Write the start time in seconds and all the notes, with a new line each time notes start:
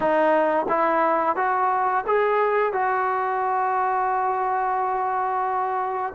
0.00 D#4
0.68 E4
1.36 F#4
2.06 G#4
2.72 F#4